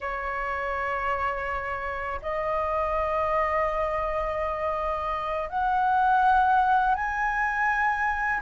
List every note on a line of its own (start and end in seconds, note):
0.00 2.20 C#5
2.22 5.49 D#5
5.49 6.94 F#5
6.94 8.40 G#5